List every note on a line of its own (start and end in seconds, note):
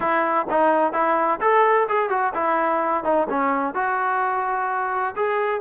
0.00 0.47 E4
0.50 0.92 D#4
0.92 1.39 E4
1.40 1.87 A4
1.89 2.09 G#4
2.09 2.33 F#4
2.34 3.03 E4
3.03 3.27 D#4
3.29 3.74 C#4
3.74 5.14 F#4
5.16 5.60 G#4